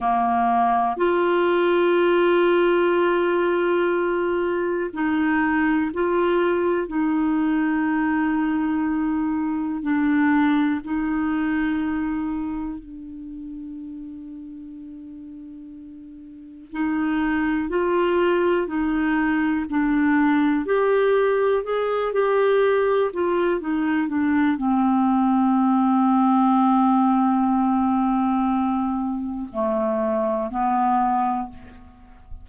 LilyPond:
\new Staff \with { instrumentName = "clarinet" } { \time 4/4 \tempo 4 = 61 ais4 f'2.~ | f'4 dis'4 f'4 dis'4~ | dis'2 d'4 dis'4~ | dis'4 d'2.~ |
d'4 dis'4 f'4 dis'4 | d'4 g'4 gis'8 g'4 f'8 | dis'8 d'8 c'2.~ | c'2 a4 b4 | }